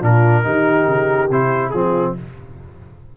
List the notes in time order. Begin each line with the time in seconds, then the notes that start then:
0.00 A#2 D4 F4 A#4
0.44 D#3 D#4 G4
0.87 C#3
1.30 C3 E4 C5
1.70 F3 C4 F4 G#4